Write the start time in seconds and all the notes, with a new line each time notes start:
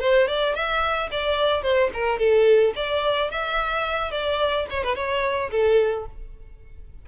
0.00 C5
0.28 D5
0.55 E5
1.11 D5
1.62 C5
1.94 A#4
2.19 A4
2.75 D5
3.31 E5
4.11 D5
4.70 C#5
4.83 B4
4.95 C#5
5.51 A4